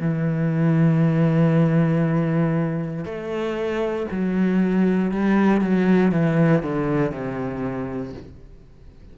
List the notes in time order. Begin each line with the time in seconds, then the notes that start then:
0.00 E3
3.05 A3
4.11 F#3
5.12 G3
5.61 F#3
6.12 E3
6.63 D3
7.11 C3